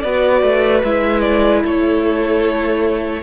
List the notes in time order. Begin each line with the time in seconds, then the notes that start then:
0.00 B3 F#4 B4 D5
0.43 A3
0.84 G#3 E4 E5
1.21 D5
1.63 A3 A4 C#5